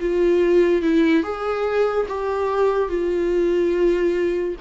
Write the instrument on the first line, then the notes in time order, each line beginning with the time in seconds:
viola
0.00 F4
0.82 E4
1.23 G#4
2.08 G4
2.89 F4